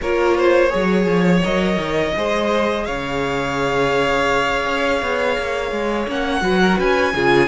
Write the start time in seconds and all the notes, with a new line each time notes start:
0.01 A#3 F4 A#4 C#5
0.37 C5
0.69 F#3 G#4 C#5
1.06 F3
1.43 F#3 A#4 D#5
1.77 D#3
2.16 G#3 G#4 C5
2.85 C#3 C#5 F5
4.66 C#4
5.01 B3
5.37 A#3
5.71 G#3
6.08 A#3 C#4 F#5
6.41 F#3 F#4 B4
6.61 A#4
6.78 C#4 B4 G#5
7.14 C#3 F4 G#4